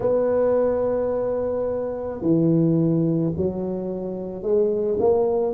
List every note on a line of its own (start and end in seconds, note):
0.00 2.21 B3
2.21 3.32 E3
3.36 4.42 F#3
4.42 4.97 G#3
4.99 5.54 A#3